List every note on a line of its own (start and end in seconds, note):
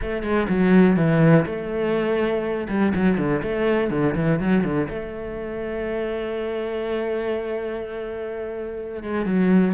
0.01 0.23 A3
0.23 0.47 G#3
0.49 0.96 F#3
0.96 1.45 E3
1.45 2.67 A3
2.68 2.93 G3
2.94 3.17 F#3
3.17 3.41 D3
3.43 3.90 A3
3.90 4.14 D3
4.15 4.39 E3
4.39 4.63 F#3
4.64 4.88 D3
4.89 9.02 A3
9.02 9.25 G#3
9.25 9.73 F#3